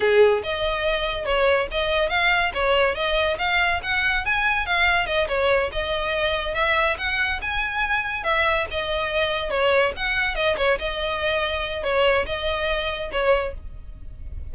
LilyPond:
\new Staff \with { instrumentName = "violin" } { \time 4/4 \tempo 4 = 142 gis'4 dis''2 cis''4 | dis''4 f''4 cis''4 dis''4 | f''4 fis''4 gis''4 f''4 | dis''8 cis''4 dis''2 e''8~ |
e''8 fis''4 gis''2 e''8~ | e''8 dis''2 cis''4 fis''8~ | fis''8 dis''8 cis''8 dis''2~ dis''8 | cis''4 dis''2 cis''4 | }